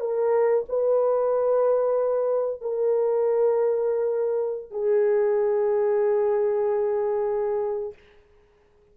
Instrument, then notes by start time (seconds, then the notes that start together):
horn
0.00 A#4
0.69 B4
2.61 A#4
4.71 G#4